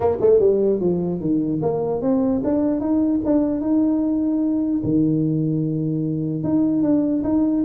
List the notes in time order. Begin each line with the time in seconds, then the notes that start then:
0.00 A#3
0.21 A3
0.39 G3
0.80 F3
1.20 D#3
1.62 A#3
2.01 C4
2.44 D4
2.80 D#4
3.25 D4
3.60 D#4
4.83 D#3
6.43 D#4
6.82 D4
7.23 D#4